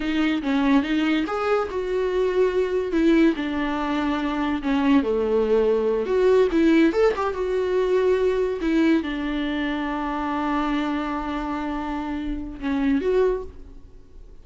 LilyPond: \new Staff \with { instrumentName = "viola" } { \time 4/4 \tempo 4 = 143 dis'4 cis'4 dis'4 gis'4 | fis'2. e'4 | d'2. cis'4 | a2~ a8 fis'4 e'8~ |
e'8 a'8 g'8 fis'2~ fis'8~ | fis'8 e'4 d'2~ d'8~ | d'1~ | d'2 cis'4 fis'4 | }